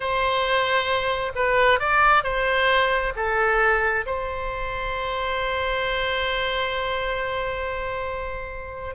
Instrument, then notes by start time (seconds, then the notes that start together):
oboe
0.00 C5
1.35 B4
1.79 D5
2.23 C5
3.16 A4
4.06 C5